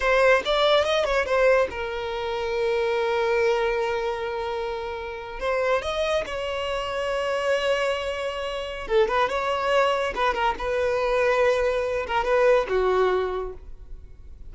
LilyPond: \new Staff \with { instrumentName = "violin" } { \time 4/4 \tempo 4 = 142 c''4 d''4 dis''8 cis''8 c''4 | ais'1~ | ais'1~ | ais'8. c''4 dis''4 cis''4~ cis''16~ |
cis''1~ | cis''4 a'8 b'8 cis''2 | b'8 ais'8 b'2.~ | b'8 ais'8 b'4 fis'2 | }